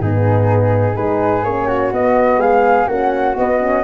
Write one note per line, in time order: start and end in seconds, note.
0.00 0.96 G#2
0.00 0.97 B3
0.00 0.96 D#4
0.00 0.96 G#4
0.96 1.43 G#3
0.96 1.45 D#4
0.96 1.68 G#4
0.96 1.44 B4
1.43 1.91 A#3
1.43 1.93 C#4
1.43 1.92 C#5
1.68 2.40 F#4
1.92 2.37 B3
1.92 2.88 B3
1.92 2.41 D#5
2.37 2.85 G#3
2.37 2.88 G#4
2.37 2.89 F5
2.88 3.35 A#3
2.88 3.35 C#4
2.88 3.83 F#4
2.88 3.37 F#5
3.35 3.59 B3
3.35 3.83 B3
3.35 3.83 D#5
3.60 3.83 C#4